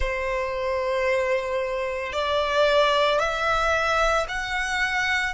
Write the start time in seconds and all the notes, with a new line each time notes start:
0.00 C5
2.12 D5
3.19 E5
4.28 F#5